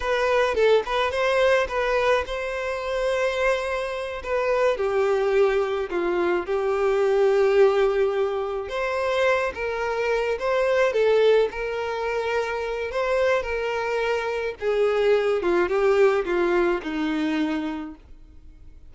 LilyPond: \new Staff \with { instrumentName = "violin" } { \time 4/4 \tempo 4 = 107 b'4 a'8 b'8 c''4 b'4 | c''2.~ c''8 b'8~ | b'8 g'2 f'4 g'8~ | g'2.~ g'8 c''8~ |
c''4 ais'4. c''4 a'8~ | a'8 ais'2~ ais'8 c''4 | ais'2 gis'4. f'8 | g'4 f'4 dis'2 | }